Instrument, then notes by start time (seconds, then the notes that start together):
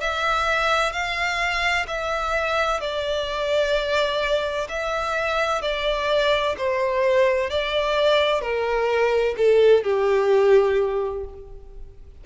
violin
0.00 E5
0.92 F5
1.87 E5
2.80 D5
4.68 E5
5.62 D5
6.57 C5
7.50 D5
8.41 A#4
9.37 A4
9.84 G4